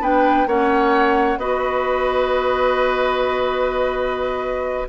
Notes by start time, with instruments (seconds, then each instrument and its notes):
0.00 bassoon B3, clarinet D4, oboe B4, flute G5
0.46 bassoon A#3, clarinet C#4, oboe C#5, flute F#5
1.37 bassoon B3, clarinet F#4, oboe B4, flute D#5